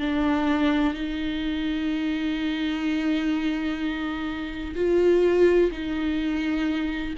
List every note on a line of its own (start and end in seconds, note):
0.00 0.94 D4
0.94 4.75 D#4
4.75 5.71 F4
5.72 7.15 D#4